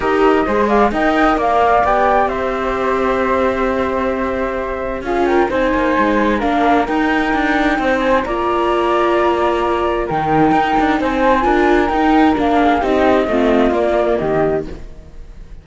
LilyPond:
<<
  \new Staff \with { instrumentName = "flute" } { \time 4/4 \tempo 4 = 131 dis''4. f''8 g''4 f''4 | g''4 e''2.~ | e''2. f''8 g''8 | gis''2 f''4 g''4~ |
g''4. gis''8 ais''2~ | ais''2 g''2 | gis''2 g''4 f''4 | dis''2 d''4 dis''4 | }
  \new Staff \with { instrumentName = "flute" } { \time 4/4 ais'4 c''8 d''8 dis''4 d''4~ | d''4 c''2.~ | c''2. gis'8 ais'8 | c''2 ais'2~ |
ais'4 c''4 d''2~ | d''2 ais'2 | c''4 ais'2~ ais'8 gis'8 | g'4 f'2 g'4 | }
  \new Staff \with { instrumentName = "viola" } { \time 4/4 g'4 gis'4 ais'2 | g'1~ | g'2. f'4 | dis'2 d'4 dis'4~ |
dis'2 f'2~ | f'2 dis'2~ | dis'4 f'4 dis'4 d'4 | dis'4 c'4 ais2 | }
  \new Staff \with { instrumentName = "cello" } { \time 4/4 dis'4 gis4 dis'4 ais4 | b4 c'2.~ | c'2. cis'4 | c'8 ais8 gis4 ais4 dis'4 |
d'4 c'4 ais2~ | ais2 dis4 dis'8 d'8 | c'4 d'4 dis'4 ais4 | c'4 a4 ais4 dis4 | }
>>